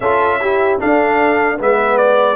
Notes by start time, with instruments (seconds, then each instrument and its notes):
0.00 tuba C#4, trombone F4, horn A4, trumpet E5
0.40 trombone E4, horn G4
0.79 trombone D4, tuba D4, horn A4, trumpet F5
1.57 tuba G#3, trombone B3, horn B4, trumpet E5
1.97 trumpet D5